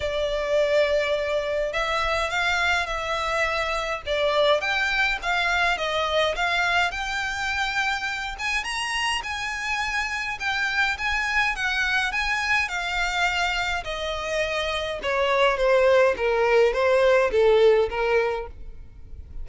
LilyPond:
\new Staff \with { instrumentName = "violin" } { \time 4/4 \tempo 4 = 104 d''2. e''4 | f''4 e''2 d''4 | g''4 f''4 dis''4 f''4 | g''2~ g''8 gis''8 ais''4 |
gis''2 g''4 gis''4 | fis''4 gis''4 f''2 | dis''2 cis''4 c''4 | ais'4 c''4 a'4 ais'4 | }